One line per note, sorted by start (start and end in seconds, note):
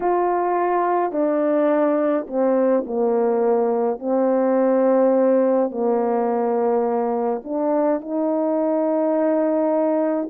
0.00 1.12 F4
1.12 2.26 D4
2.27 2.84 C4
2.86 3.99 A#3
3.99 5.70 C4
5.70 7.42 A#3
7.44 8.00 D4
8.00 10.29 D#4